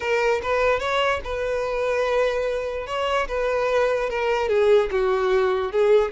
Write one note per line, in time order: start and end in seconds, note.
0.00 0.41 A#4
0.42 0.79 B4
0.79 1.20 C#5
1.24 2.86 B4
2.86 3.27 C#5
3.27 4.09 B4
4.09 4.48 A#4
4.48 4.89 G#4
4.91 5.71 F#4
5.71 6.11 G#4